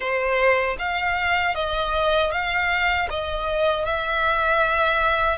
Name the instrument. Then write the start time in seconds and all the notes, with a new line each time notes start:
violin
0.00 C5
0.78 F5
1.55 D#5
2.31 F5
3.09 D#5
3.85 E5